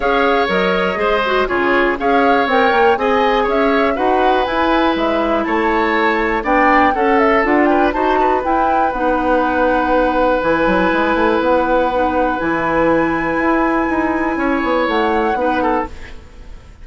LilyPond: <<
  \new Staff \with { instrumentName = "flute" } { \time 4/4 \tempo 4 = 121 f''4 dis''2 cis''4 | f''4 g''4 gis''4 e''4 | fis''4 gis''4 e''4 a''4~ | a''4 g''4 fis''8 e''8 fis''8 g''8 |
a''4 g''4 fis''2~ | fis''4 gis''2 fis''4~ | fis''4 gis''2.~ | gis''2 fis''2 | }
  \new Staff \with { instrumentName = "oboe" } { \time 4/4 cis''2 c''4 gis'4 | cis''2 dis''4 cis''4 | b'2. cis''4~ | cis''4 d''4 a'4. b'8 |
c''8 b'2.~ b'8~ | b'1~ | b'1~ | b'4 cis''2 b'8 a'8 | }
  \new Staff \with { instrumentName = "clarinet" } { \time 4/4 gis'4 ais'4 gis'8 fis'8 f'4 | gis'4 ais'4 gis'2 | fis'4 e'2.~ | e'4 d'4 a'4 f'4 |
fis'4 e'4 dis'2~ | dis'4 e'2. | dis'4 e'2.~ | e'2. dis'4 | }
  \new Staff \with { instrumentName = "bassoon" } { \time 4/4 cis'4 fis4 gis4 cis4 | cis'4 c'8 ais8 c'4 cis'4 | dis'4 e'4 gis4 a4~ | a4 b4 cis'4 d'4 |
dis'4 e'4 b2~ | b4 e8 fis8 gis8 a8 b4~ | b4 e2 e'4 | dis'4 cis'8 b8 a4 b4 | }
>>